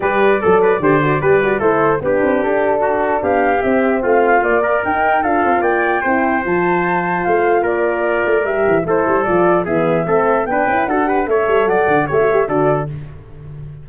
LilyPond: <<
  \new Staff \with { instrumentName = "flute" } { \time 4/4 \tempo 4 = 149 d''1 | c''4 b'4 a'2 | f''4 e''4 f''4 d''4 | g''4 f''4 g''2 |
a''2 f''4 d''4~ | d''4 e''4 c''4 d''4 | e''2 g''4 fis''4 | e''4 fis''4 e''4 d''4 | }
  \new Staff \with { instrumentName = "trumpet" } { \time 4/4 b'4 a'8 b'8 c''4 b'4 | a'4 g'2 fis'4 | g'2 f'4. ais'8~ | ais'4 a'4 d''4 c''4~ |
c''2. ais'4~ | ais'2 a'2 | gis'4 a'4 b'4 a'8 b'8 | cis''4 d''4 cis''4 a'4 | }
  \new Staff \with { instrumentName = "horn" } { \time 4/4 g'4 a'4 g'8 fis'8 g'8 fis'8 | e'4 d'2.~ | d'4 c'2 ais4 | dis'4 f'2 e'4 |
f'1~ | f'4 g'4 e'4 f'4 | b4 c'4 d'8 e'8 fis'8 g'8 | a'2 g'16 fis'16 g'8 fis'4 | }
  \new Staff \with { instrumentName = "tuba" } { \time 4/4 g4 fis4 d4 g4 | a4 b8 c'8 d'2 | b4 c'4 a4 ais4 | dis'4 d'8 c'8 ais4 c'4 |
f2 a4 ais4~ | ais8 a8 g8 e8 a8 g8 f4 | e4 a4 b8 cis'8 d'4 | a8 g8 fis8 d8 a4 d4 | }
>>